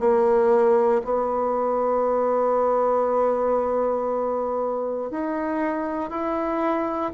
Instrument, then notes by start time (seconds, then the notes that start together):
bassoon
0.00 A#3
1.04 B3
5.11 D#4
6.10 E4